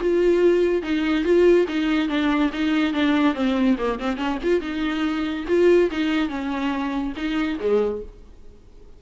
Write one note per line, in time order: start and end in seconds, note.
0.00 0.82 F4
0.82 1.24 D#4
1.24 1.66 F4
1.68 2.08 D#4
2.08 2.51 D4
2.53 2.93 D#4
2.93 3.34 D4
3.34 3.76 C4
3.78 3.99 A#3
3.99 4.17 C4
4.17 4.38 C#4
4.43 4.61 F4
4.61 5.45 D#4
5.48 5.90 F4
5.91 6.29 D#4
6.29 7.13 C#4
7.16 7.59 D#4
7.59 8.02 G#3